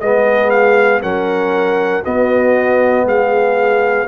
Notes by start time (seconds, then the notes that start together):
0.00 G#3 B3 G#4 D#5
0.50 F5
1.01 F#3 C#4 A#4 F#5
2.03 B3 F#4 D#5
3.04 G#3 G#4 F5